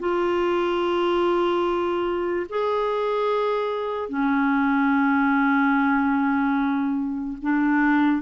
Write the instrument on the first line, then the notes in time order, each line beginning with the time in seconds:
clarinet
0.00 F4
2.50 G#4
4.09 C#4
7.42 D4